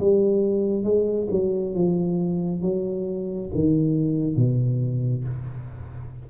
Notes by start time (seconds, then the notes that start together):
0.00 G3
0.84 G#3
1.31 F#3
1.75 F3
2.62 F#3
3.55 D#3
4.36 B2